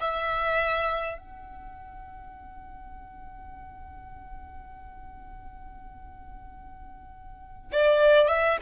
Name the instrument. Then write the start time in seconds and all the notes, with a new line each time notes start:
violin
0.00 E5
1.18 F#5
7.72 D5
8.28 E5